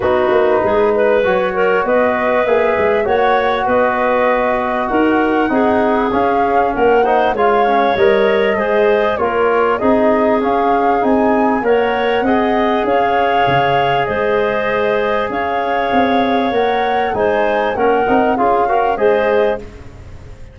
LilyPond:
<<
  \new Staff \with { instrumentName = "flute" } { \time 4/4 \tempo 4 = 98 b'2 cis''4 dis''4 | e''4 fis''4 dis''2 | fis''2 f''4 fis''4 | f''4 dis''2 cis''4 |
dis''4 f''4 gis''4 fis''4~ | fis''4 f''2 dis''4~ | dis''4 f''2 fis''4 | gis''4 fis''4 f''4 dis''4 | }
  \new Staff \with { instrumentName = "clarinet" } { \time 4/4 fis'4 gis'8 b'4 ais'8 b'4~ | b'4 cis''4 b'2 | ais'4 gis'2 ais'8 c''8 | cis''2 c''4 ais'4 |
gis'2. cis''4 | dis''4 cis''2 c''4~ | c''4 cis''2. | c''4 ais'4 gis'8 ais'8 c''4 | }
  \new Staff \with { instrumentName = "trombone" } { \time 4/4 dis'2 fis'2 | gis'4 fis'2.~ | fis'4 dis'4 cis'4. dis'8 | f'8 cis'8 ais'4 gis'4 f'4 |
dis'4 cis'4 dis'4 ais'4 | gis'1~ | gis'2. ais'4 | dis'4 cis'8 dis'8 f'8 fis'8 gis'4 | }
  \new Staff \with { instrumentName = "tuba" } { \time 4/4 b8 ais8 gis4 fis4 b4 | ais8 gis8 ais4 b2 | dis'4 c'4 cis'4 ais4 | gis4 g4 gis4 ais4 |
c'4 cis'4 c'4 ais4 | c'4 cis'4 cis4 gis4~ | gis4 cis'4 c'4 ais4 | gis4 ais8 c'8 cis'4 gis4 | }
>>